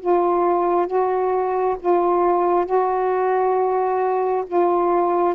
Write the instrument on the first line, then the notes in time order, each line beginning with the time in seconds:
saxophone
0.00 F4
0.86 F#4
1.80 F4
2.65 F#4
4.47 F4